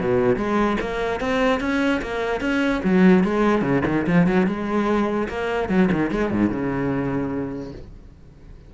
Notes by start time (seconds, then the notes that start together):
0.00 B2
0.36 G#3
0.80 A#3
1.20 C4
1.60 C#4
2.01 A#3
2.40 C#4
2.84 F#3
3.24 G#3
3.62 C#3
3.86 D#3
4.07 F3
4.27 F#3
4.46 G#3
5.28 A#3
5.69 F#3
5.92 D#3
6.10 G#3
6.31 G#2
6.50 C#3